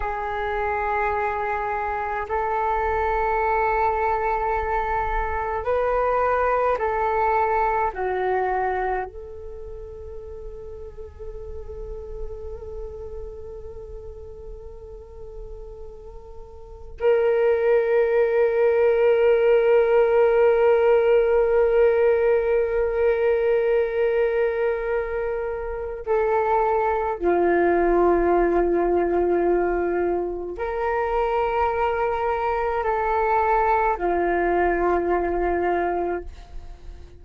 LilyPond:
\new Staff \with { instrumentName = "flute" } { \time 4/4 \tempo 4 = 53 gis'2 a'2~ | a'4 b'4 a'4 fis'4 | a'1~ | a'2. ais'4~ |
ais'1~ | ais'2. a'4 | f'2. ais'4~ | ais'4 a'4 f'2 | }